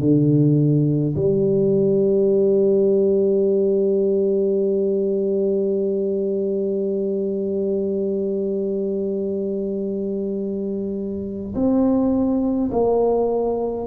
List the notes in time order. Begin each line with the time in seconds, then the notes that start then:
0.00 D3
1.16 G3
11.55 C4
12.72 A#3